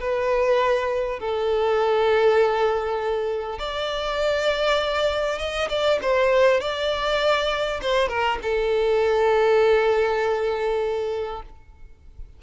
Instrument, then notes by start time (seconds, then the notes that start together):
violin
0.00 B4
1.20 A4
3.59 D5
5.39 D#5
5.69 D5
6.02 C5
6.61 D5
7.82 C5
8.09 A#4
8.42 A4